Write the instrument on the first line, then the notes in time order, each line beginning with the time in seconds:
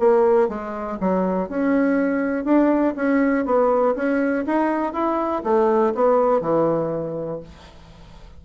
bassoon
0.00 A#3
0.49 G#3
1.01 F#3
1.49 C#4
2.45 D4
2.96 C#4
3.46 B3
3.96 C#4
4.47 D#4
4.93 E4
5.44 A3
5.95 B3
6.42 E3